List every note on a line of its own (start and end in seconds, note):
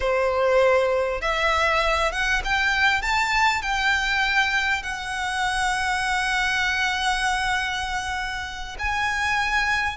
0.00 1.21 C5
1.21 2.12 E5
2.12 2.42 F#5
2.44 3.02 G5
3.02 3.62 A5
3.62 4.82 G5
4.82 8.76 F#5
8.78 9.97 G#5